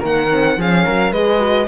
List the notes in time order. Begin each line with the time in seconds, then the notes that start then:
0.00 D#3 A#3 A#4 F#5
0.31 C4
0.57 F3 C#4 G#4 F5
0.84 F#3 A#4
1.11 G#3 G#4 B4 D#5
1.39 F#4